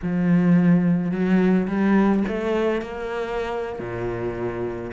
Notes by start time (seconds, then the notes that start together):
0.02 F3
1.11 F#3
1.67 G3
2.28 A3
2.81 A#3
3.79 A#2